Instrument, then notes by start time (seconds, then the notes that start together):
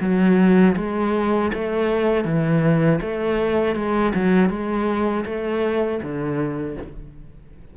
cello
0.00 F#3
0.76 G#3
1.54 A3
2.24 E3
3.01 A3
3.75 G#3
4.14 F#3
4.49 G#3
5.25 A3
6.02 D3